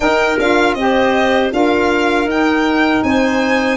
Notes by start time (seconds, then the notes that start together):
0.00 D#4 A#4 G5
0.38 D4 F4 F5
0.74 C4 G4 C5 D#5
1.50 D4 F4 A#4 F5
2.25 D#4 G5
3.03 C4 C5 G#5